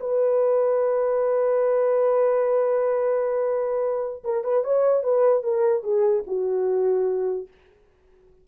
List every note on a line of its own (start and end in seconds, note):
0.00 4.23 B4
4.24 4.44 A#4
4.44 4.64 B4
4.64 5.03 C#5
5.03 5.43 B4
5.43 5.83 A#4
5.83 6.23 G#4
6.27 7.48 F#4